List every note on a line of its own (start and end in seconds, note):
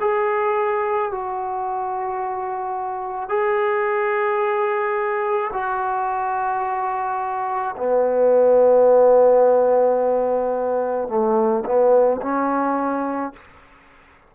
0.00 1.11 G#4
1.11 3.29 F#4
3.29 5.51 G#4
5.53 7.75 F#4
7.77 11.08 B3
11.08 11.64 A3
11.65 12.21 B3
12.22 13.33 C#4